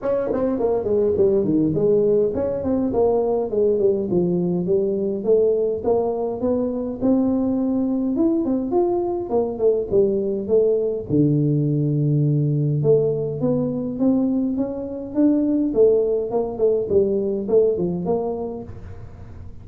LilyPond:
\new Staff \with { instrumentName = "tuba" } { \time 4/4 \tempo 4 = 103 cis'8 c'8 ais8 gis8 g8 dis8 gis4 | cis'8 c'8 ais4 gis8 g8 f4 | g4 a4 ais4 b4 | c'2 e'8 c'8 f'4 |
ais8 a8 g4 a4 d4~ | d2 a4 b4 | c'4 cis'4 d'4 a4 | ais8 a8 g4 a8 f8 ais4 | }